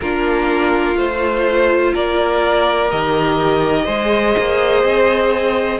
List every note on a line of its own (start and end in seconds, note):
0.00 0.96 A#3
0.00 0.95 D4
0.00 1.94 F4
0.00 0.97 A#4
0.95 1.92 A3
0.95 2.89 F4
0.95 1.94 C5
1.94 2.91 A#3
1.94 3.85 A#4
1.94 2.91 D5
2.91 3.86 D#3
2.91 3.86 G4
2.91 5.80 D#5
3.85 4.35 G#3
3.85 5.80 G#4
3.85 5.78 C5
4.38 4.83 A#3
4.83 5.80 C4